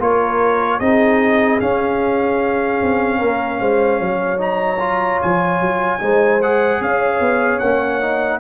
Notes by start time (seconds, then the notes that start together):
0.00 A#3 F4 A#4 C#5
0.80 C4 D#4 G#4 D#5
1.61 C#4 F5
2.82 C4
3.19 A#3 A#4
3.61 G#3 C5
4.01 F#3 C#5
4.38 D#4 A#5
4.79 F4
5.23 F3 G#5
5.61 F#3
6.00 G#3 D#4 C5
6.42 G#4 F#5
6.81 C#4 C#5 F5
7.20 B3
7.59 A#3 C#4 F#5
8.01 D#4